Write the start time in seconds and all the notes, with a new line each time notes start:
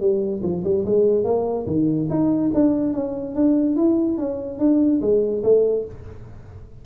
0.00 G3
0.43 F3
0.64 G3
0.85 G#3
1.24 A#3
1.66 D#3
2.09 D#4
2.54 D4
2.93 C#4
3.34 D4
3.76 E4
4.17 C#4
4.59 D4
5.01 G#3
5.43 A3